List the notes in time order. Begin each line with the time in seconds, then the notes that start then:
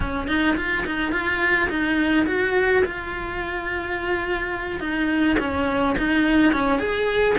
0.00 C#4
0.27 D#4
0.56 F4
0.86 D#4
1.11 F4
1.69 D#4
2.26 F#4
2.85 F4
4.80 D#4
5.39 C#4
5.97 D#4
6.52 C#4
6.79 G#4